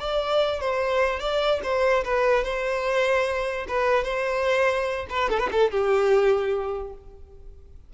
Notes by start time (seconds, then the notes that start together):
0.00 D5
0.61 C5
1.20 D5
1.63 C5
2.05 B4
2.44 C5
3.68 B4
4.04 C5
5.10 B4
5.30 A4
5.39 B4
5.52 A4
5.71 G4